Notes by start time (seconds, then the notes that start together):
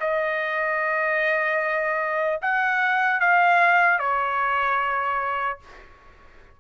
0.00 D#5
2.42 F#5
3.20 F5
3.99 C#5